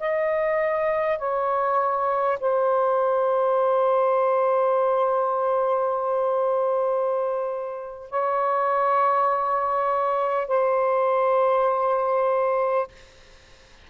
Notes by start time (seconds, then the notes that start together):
0.00 D#5
1.19 C#5
2.41 C5
8.11 C#5
10.48 C5